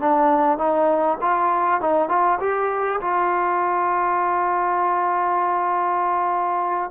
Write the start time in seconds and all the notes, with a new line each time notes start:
0.00 D4
0.58 D#4
1.21 F4
1.81 D#4
2.09 F4
2.40 G4
3.01 F4